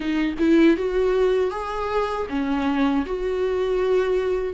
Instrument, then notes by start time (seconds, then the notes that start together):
viola
0.00 D#4
0.38 E4
0.77 F#4
1.51 G#4
2.29 C#4
3.06 F#4